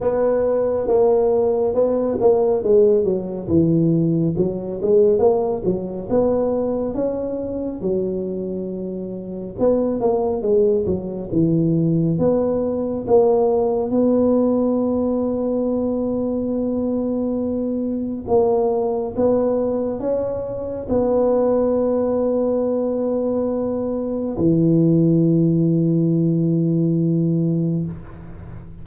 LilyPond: \new Staff \with { instrumentName = "tuba" } { \time 4/4 \tempo 4 = 69 b4 ais4 b8 ais8 gis8 fis8 | e4 fis8 gis8 ais8 fis8 b4 | cis'4 fis2 b8 ais8 | gis8 fis8 e4 b4 ais4 |
b1~ | b4 ais4 b4 cis'4 | b1 | e1 | }